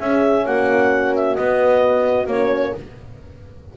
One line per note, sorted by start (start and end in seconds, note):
0.00 0.46 C#4
0.00 1.39 C#4
0.00 0.45 G#4
0.00 0.46 E5
0.45 1.37 A#3
0.45 2.74 F#4
0.45 1.15 F#5
1.15 1.35 E5
1.35 2.27 B3
1.35 2.30 B3
1.35 2.27 D#5
2.27 2.73 A#3
2.27 2.77 C#4
2.27 2.75 C#5